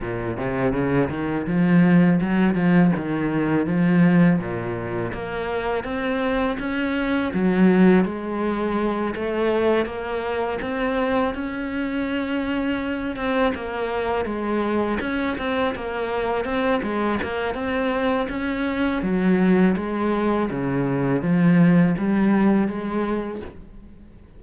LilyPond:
\new Staff \with { instrumentName = "cello" } { \time 4/4 \tempo 4 = 82 ais,8 c8 cis8 dis8 f4 fis8 f8 | dis4 f4 ais,4 ais4 | c'4 cis'4 fis4 gis4~ | gis8 a4 ais4 c'4 cis'8~ |
cis'2 c'8 ais4 gis8~ | gis8 cis'8 c'8 ais4 c'8 gis8 ais8 | c'4 cis'4 fis4 gis4 | cis4 f4 g4 gis4 | }